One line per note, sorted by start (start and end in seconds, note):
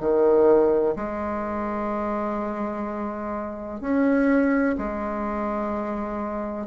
0.00 0.95 D#3
0.96 3.81 G#3
3.81 4.76 C#4
4.78 6.67 G#3